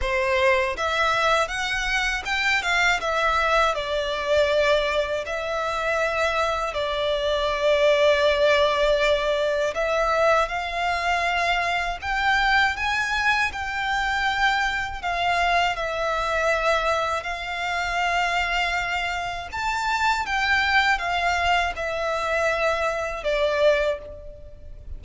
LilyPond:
\new Staff \with { instrumentName = "violin" } { \time 4/4 \tempo 4 = 80 c''4 e''4 fis''4 g''8 f''8 | e''4 d''2 e''4~ | e''4 d''2.~ | d''4 e''4 f''2 |
g''4 gis''4 g''2 | f''4 e''2 f''4~ | f''2 a''4 g''4 | f''4 e''2 d''4 | }